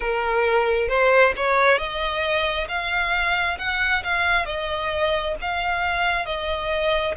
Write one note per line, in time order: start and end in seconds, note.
0.00 0.88 A#4
0.88 1.33 C5
1.36 1.77 C#5
1.77 2.67 D#5
2.68 3.58 F5
3.58 4.03 F#5
4.03 4.45 F5
4.45 5.35 D#5
5.41 6.25 F5
6.25 7.15 D#5